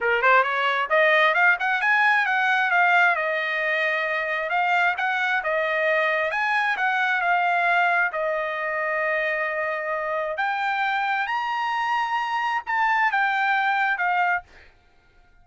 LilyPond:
\new Staff \with { instrumentName = "trumpet" } { \time 4/4 \tempo 4 = 133 ais'8 c''8 cis''4 dis''4 f''8 fis''8 | gis''4 fis''4 f''4 dis''4~ | dis''2 f''4 fis''4 | dis''2 gis''4 fis''4 |
f''2 dis''2~ | dis''2. g''4~ | g''4 ais''2. | a''4 g''2 f''4 | }